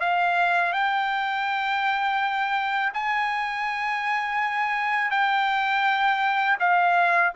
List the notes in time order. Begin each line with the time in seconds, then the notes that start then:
0.00 F5
0.73 G5
2.94 G#5
5.11 G5
6.60 F5